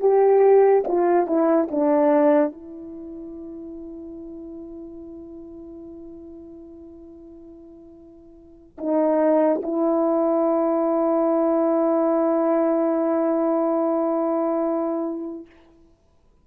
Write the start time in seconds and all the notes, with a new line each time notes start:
0.00 G4
0.87 F4
1.27 E4
1.71 D4
2.52 E4
8.78 D#4
9.63 E4